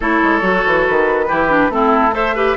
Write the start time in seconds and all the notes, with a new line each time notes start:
0.00 A3 E4 A4 C#5
0.22 G#3
0.41 F#3 F#4
0.66 E3
0.87 D#3 B4
1.28 E3 E4 G4
1.49 D4
1.69 A3 C4 E4 A4
2.11 A4 C5 E5
2.35 G4 B4